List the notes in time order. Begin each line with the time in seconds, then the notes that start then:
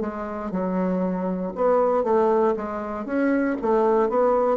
0.00 G#3
0.51 F#3
1.55 B3
2.03 A3
2.56 G#3
3.06 C#4
3.61 A3
4.09 B3